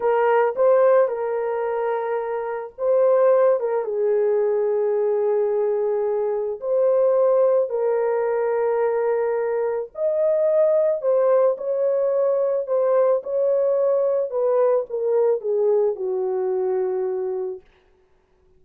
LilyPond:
\new Staff \with { instrumentName = "horn" } { \time 4/4 \tempo 4 = 109 ais'4 c''4 ais'2~ | ais'4 c''4. ais'8 gis'4~ | gis'1 | c''2 ais'2~ |
ais'2 dis''2 | c''4 cis''2 c''4 | cis''2 b'4 ais'4 | gis'4 fis'2. | }